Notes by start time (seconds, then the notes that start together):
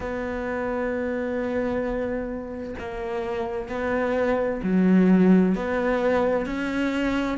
0.00 B3
2.78 A#3
3.68 B3
4.63 F#3
5.55 B3
6.46 C#4